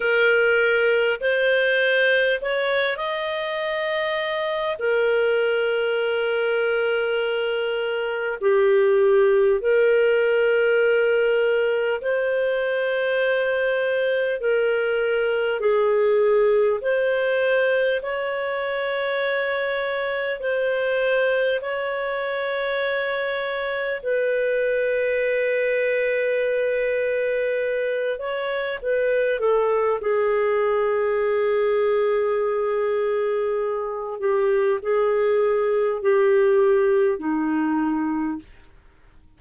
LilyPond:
\new Staff \with { instrumentName = "clarinet" } { \time 4/4 \tempo 4 = 50 ais'4 c''4 cis''8 dis''4. | ais'2. g'4 | ais'2 c''2 | ais'4 gis'4 c''4 cis''4~ |
cis''4 c''4 cis''2 | b'2.~ b'8 cis''8 | b'8 a'8 gis'2.~ | gis'8 g'8 gis'4 g'4 dis'4 | }